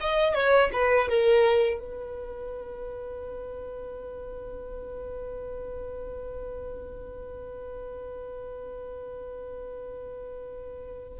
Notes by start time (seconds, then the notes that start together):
0.00 D#5
0.34 C#5
0.73 B4
1.08 A#4
1.79 B4